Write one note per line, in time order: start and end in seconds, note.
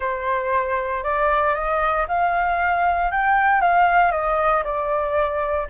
0.00 1.03 C5
1.03 1.54 D5
1.54 2.06 D#5
2.08 3.11 F5
3.11 3.61 G5
3.61 4.11 F5
4.11 4.63 D#5
4.63 5.67 D5